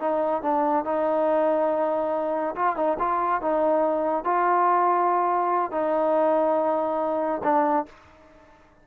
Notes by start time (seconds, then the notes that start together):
0.00 D#4
0.43 D4
0.85 D#4
2.56 F4
2.77 D#4
2.99 F4
3.42 D#4
4.25 F4
5.72 D#4
7.44 D4